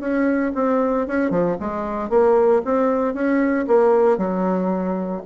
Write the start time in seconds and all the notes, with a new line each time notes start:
0.00 C#4
0.55 C4
1.07 C#4
1.31 F3
1.60 G#3
2.10 A#3
2.65 C4
3.14 C#4
3.67 A#3
4.18 F#3